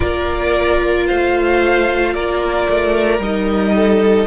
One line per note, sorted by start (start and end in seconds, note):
0.00 1.09 A#3
0.00 3.20 F4
0.00 1.06 A#4
0.00 1.06 D5
1.06 2.15 A3
1.06 2.13 C5
1.06 2.14 F5
2.14 2.68 A#3
2.14 3.75 A#4
2.14 3.21 D5
2.69 3.18 A3
3.18 4.25 G3
3.18 4.27 D#4
3.18 4.27 D#5
3.75 4.27 A4